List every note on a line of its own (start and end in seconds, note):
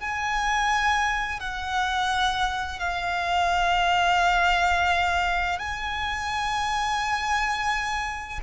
0.00 1.40 G#5
1.40 2.79 F#5
2.79 5.59 F5
5.59 8.40 G#5